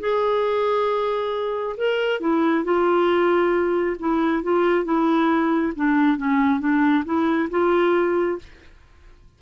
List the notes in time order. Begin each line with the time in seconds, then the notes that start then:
0.00 G#4
1.77 A#4
2.20 E4
2.64 F4
4.00 E4
4.43 F4
4.85 E4
5.76 D4
6.18 C#4
6.60 D4
7.05 E4
7.51 F4